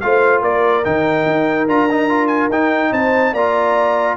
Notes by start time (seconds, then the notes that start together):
0.00 A3 F4 C5 F5
0.41 A#3 A#4 D5
0.84 D#3 D#4 G5
1.26 D#4
1.67 D4 F4 A#5
1.91 D#4
2.09 F4
2.27 G#5
2.49 D#4 G5
2.91 C4 C5 A5
3.32 A#3 F4 D5 A#5